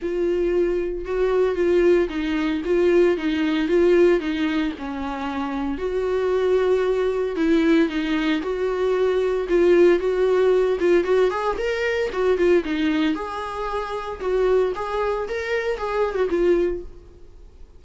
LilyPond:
\new Staff \with { instrumentName = "viola" } { \time 4/4 \tempo 4 = 114 f'2 fis'4 f'4 | dis'4 f'4 dis'4 f'4 | dis'4 cis'2 fis'4~ | fis'2 e'4 dis'4 |
fis'2 f'4 fis'4~ | fis'8 f'8 fis'8 gis'8 ais'4 fis'8 f'8 | dis'4 gis'2 fis'4 | gis'4 ais'4 gis'8. fis'16 f'4 | }